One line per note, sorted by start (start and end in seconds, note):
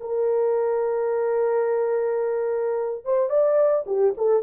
0.00 3.05 A#4
3.05 3.29 C5
3.29 3.85 D5
3.86 4.14 G4
4.17 4.42 A4